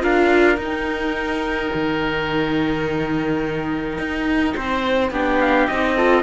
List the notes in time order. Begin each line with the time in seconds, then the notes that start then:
0.00 D4 F4 A#4 F5
0.57 D#4 G5
1.73 D#3
3.97 D#4
4.54 C4 C5
5.10 B3 D4 G4
5.40 F5
5.67 C4 D#4 D#5
5.96 F4 A4